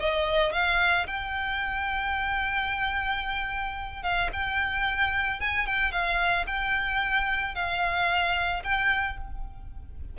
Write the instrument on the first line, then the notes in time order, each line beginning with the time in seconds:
violin
0.00 D#5
0.53 F5
1.07 G5
4.03 F5
4.33 G5
5.41 G#5
5.67 G5
5.92 F5
6.47 G5
7.55 F5
8.64 G5